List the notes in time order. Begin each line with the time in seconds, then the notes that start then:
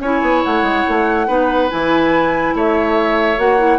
0.00 C#4 E4 C#5 G#5
0.22 B3
0.44 A3 F#5
0.63 G#3
0.89 A3
1.28 B3 D#4 B4
1.70 E3 E4 G#5
2.55 A3 C#5 E5
3.38 A#3 F#4 F#5
3.59 E4